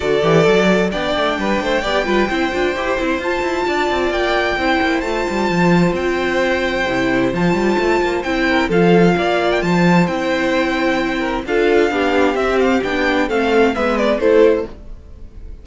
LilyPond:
<<
  \new Staff \with { instrumentName = "violin" } { \time 4/4 \tempo 4 = 131 d''2 g''2~ | g''2. a''4~ | a''4 g''2 a''4~ | a''4 g''2. |
a''2 g''4 f''4~ | f''8. g''16 a''4 g''2~ | g''4 f''2 e''8 f''8 | g''4 f''4 e''8 d''8 c''4 | }
  \new Staff \with { instrumentName = "violin" } { \time 4/4 a'2 d''4 b'8 c''8 | d''8 b'8 c''2. | d''2 c''2~ | c''1~ |
c''2~ c''8 ais'8 a'4 | d''4 c''2.~ | c''8 ais'8 a'4 g'2~ | g'4 a'4 b'4 a'4 | }
  \new Staff \with { instrumentName = "viola" } { \time 4/4 fis'8 g'8 a'4 d'2 | g'8 f'8 e'8 f'8 g'8 e'8 f'4~ | f'2 e'4 f'4~ | f'2. e'4 |
f'2 e'4 f'4~ | f'2 e'2~ | e'4 f'4 d'4 c'4 | d'4 c'4 b4 e'4 | }
  \new Staff \with { instrumentName = "cello" } { \time 4/4 d8 e8 fis4 b8 a8 g8 a8 | b8 g8 c'8 d'8 e'8 c'8 f'8 e'8 | d'8 c'8 ais4 c'8 ais8 a8 g8 | f4 c'2 c4 |
f8 g8 a8 ais8 c'4 f4 | ais4 f4 c'2~ | c'4 d'4 b4 c'4 | b4 a4 gis4 a4 | }
>>